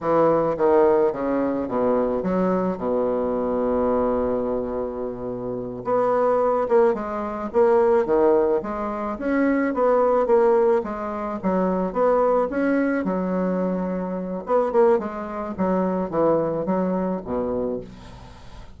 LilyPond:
\new Staff \with { instrumentName = "bassoon" } { \time 4/4 \tempo 4 = 108 e4 dis4 cis4 b,4 | fis4 b,2.~ | b,2~ b,8 b4. | ais8 gis4 ais4 dis4 gis8~ |
gis8 cis'4 b4 ais4 gis8~ | gis8 fis4 b4 cis'4 fis8~ | fis2 b8 ais8 gis4 | fis4 e4 fis4 b,4 | }